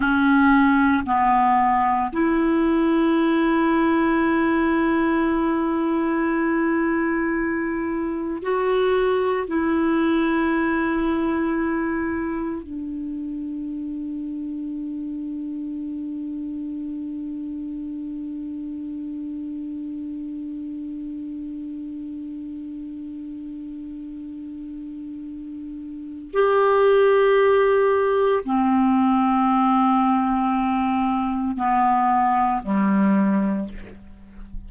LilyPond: \new Staff \with { instrumentName = "clarinet" } { \time 4/4 \tempo 4 = 57 cis'4 b4 e'2~ | e'1 | fis'4 e'2. | d'1~ |
d'1~ | d'1~ | d'4 g'2 c'4~ | c'2 b4 g4 | }